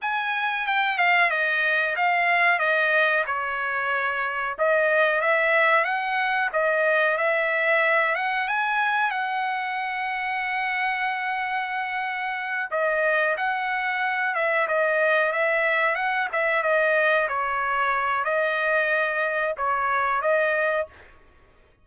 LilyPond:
\new Staff \with { instrumentName = "trumpet" } { \time 4/4 \tempo 4 = 92 gis''4 g''8 f''8 dis''4 f''4 | dis''4 cis''2 dis''4 | e''4 fis''4 dis''4 e''4~ | e''8 fis''8 gis''4 fis''2~ |
fis''2.~ fis''8 dis''8~ | dis''8 fis''4. e''8 dis''4 e''8~ | e''8 fis''8 e''8 dis''4 cis''4. | dis''2 cis''4 dis''4 | }